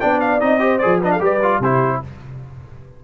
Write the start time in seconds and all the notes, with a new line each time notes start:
0.00 B3 D4 D5 G5
0.21 F5
0.40 C4 D#4 D#5
0.60 G4 C5
0.78 G#4 D5
0.85 F3
1.00 D4 B4 D#5
1.12 A4 F5
1.20 G3 G4 B4 D5
1.43 F4
1.59 C3 E4 G4 C5